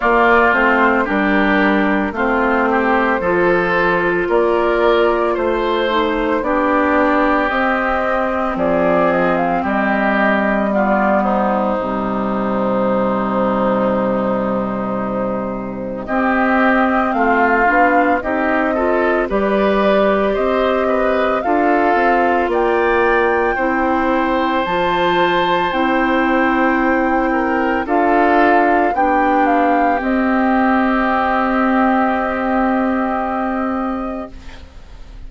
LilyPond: <<
  \new Staff \with { instrumentName = "flute" } { \time 4/4 \tempo 4 = 56 d''8 c''8 ais'4 c''2 | d''4 c''4 d''4 dis''4 | d''8 dis''16 f''16 dis''4 d''8 c''4.~ | c''2. dis''4 |
f''4 dis''4 d''4 dis''4 | f''4 g''2 a''4 | g''2 f''4 g''8 f''8 | dis''1 | }
  \new Staff \with { instrumentName = "oboe" } { \time 4/4 f'4 g'4 f'8 g'8 a'4 | ais'4 c''4 g'2 | gis'4 g'4 f'8 dis'4.~ | dis'2. g'4 |
f'4 g'8 a'8 b'4 c''8 b'8 | a'4 d''4 c''2~ | c''4. ais'8 a'4 g'4~ | g'1 | }
  \new Staff \with { instrumentName = "clarinet" } { \time 4/4 ais8 c'8 d'4 c'4 f'4~ | f'4. dis'8 d'4 c'4~ | c'2 b4 g4~ | g2. c'4~ |
c'8 d'8 dis'8 f'8 g'2 | f'2 e'4 f'4 | e'2 f'4 d'4 | c'1 | }
  \new Staff \with { instrumentName = "bassoon" } { \time 4/4 ais8 a8 g4 a4 f4 | ais4 a4 b4 c'4 | f4 g2 c4~ | c2. c'4 |
a8 b8 c'4 g4 c'4 | d'8 c'8 ais4 c'4 f4 | c'2 d'4 b4 | c'1 | }
>>